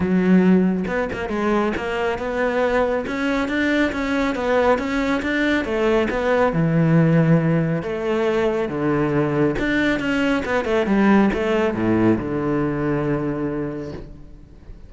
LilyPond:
\new Staff \with { instrumentName = "cello" } { \time 4/4 \tempo 4 = 138 fis2 b8 ais8 gis4 | ais4 b2 cis'4 | d'4 cis'4 b4 cis'4 | d'4 a4 b4 e4~ |
e2 a2 | d2 d'4 cis'4 | b8 a8 g4 a4 a,4 | d1 | }